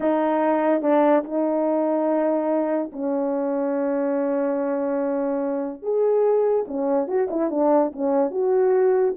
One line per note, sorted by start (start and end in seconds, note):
0.00 0.81 D#4
0.81 1.23 D4
1.24 2.90 D#4
2.92 5.82 C#4
5.82 6.65 G#4
6.67 7.07 C#4
7.07 7.28 F#4
7.30 7.50 E4
7.50 7.92 D4
7.92 8.30 C#4
8.30 9.14 F#4